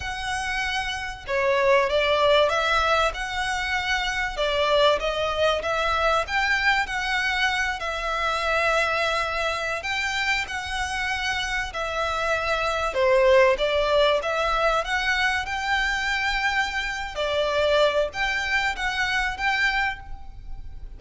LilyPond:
\new Staff \with { instrumentName = "violin" } { \time 4/4 \tempo 4 = 96 fis''2 cis''4 d''4 | e''4 fis''2 d''4 | dis''4 e''4 g''4 fis''4~ | fis''8 e''2.~ e''16 g''16~ |
g''8. fis''2 e''4~ e''16~ | e''8. c''4 d''4 e''4 fis''16~ | fis''8. g''2~ g''8. d''8~ | d''4 g''4 fis''4 g''4 | }